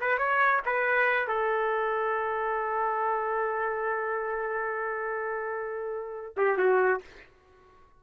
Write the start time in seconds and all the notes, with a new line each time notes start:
0.00 B4
0.18 C#5
0.65 B4
1.27 A4
6.36 G4
6.57 F#4